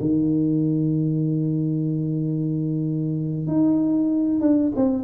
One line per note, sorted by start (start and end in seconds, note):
0.00 3.47 D#3
3.47 4.40 D#4
4.40 4.72 D4
4.76 5.04 C4